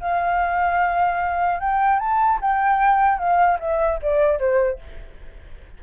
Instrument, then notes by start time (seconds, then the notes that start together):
flute
0.00 F5
1.60 G5
1.99 A5
2.42 G5
3.19 F5
3.60 E5
4.02 D5
4.39 C5